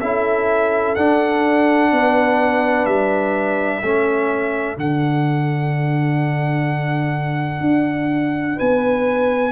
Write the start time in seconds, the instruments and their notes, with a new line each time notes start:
0.00 tuba C#4, trombone E4, horn A4, trumpet E5
0.95 tuba D4, trombone D4, trumpet F#5
1.92 tuba B3, horn B4
2.86 tuba G3, trumpet E5
3.82 tuba A3, trombone C#4, horn A4
4.77 tuba D3, trombone D4, trumpet F#5
7.61 tuba D4
8.56 tuba B3, horn B4, trumpet G#5